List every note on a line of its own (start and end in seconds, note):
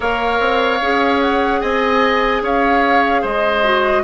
0.00 0.40 A#3
0.00 0.80 A#4
0.00 1.60 C#5
0.00 1.21 F5
0.40 0.80 C4
0.81 1.62 C#4
0.81 3.63 G#4
1.21 1.61 F#5
1.60 2.42 C4
1.60 2.42 D#5
1.60 2.42 G#5
2.42 3.23 C#4
2.42 3.21 C#5
2.42 3.25 F5
3.21 4.03 G#3
3.21 4.02 C5
3.21 4.03 D#5
3.63 4.03 F#4